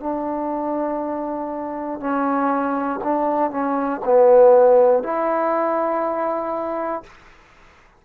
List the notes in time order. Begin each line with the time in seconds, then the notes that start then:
0.00 D4
2.00 C#4
3.04 D4
3.51 C#4
4.05 B3
5.03 E4